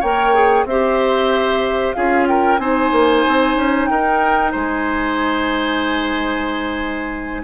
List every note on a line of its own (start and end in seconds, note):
0.00 0.65 A#3
0.00 0.34 A#4
0.00 0.65 C#5
0.00 0.66 G5
0.34 0.66 G#4
0.65 1.94 C4
0.65 1.95 G4
0.65 1.96 C5
0.65 1.93 E5
1.93 2.58 C#4
1.93 2.59 F4
1.93 2.28 G#4
1.93 2.26 F5
2.28 2.60 A#4
2.28 2.59 G5
2.58 2.91 C4
2.58 7.43 D#4
2.58 3.90 C5
2.58 3.87 G#5
2.92 3.24 A#3
3.28 3.56 C4
3.56 3.88 C#4
3.87 4.54 D#4
3.87 4.51 A#4
3.87 4.51 G5
4.51 7.44 G#3
4.51 7.42 C5
4.51 7.44 G#5